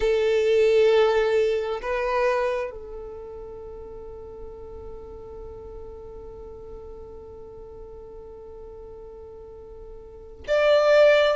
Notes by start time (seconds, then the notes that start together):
0.00 A4
1.81 B4
2.70 A4
10.48 D5